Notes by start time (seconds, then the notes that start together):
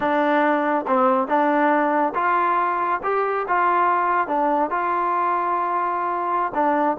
0.00 D4
0.87 C4
1.27 D4
2.14 F4
3.03 G4
3.47 F4
4.27 D4
4.70 F4
6.54 D4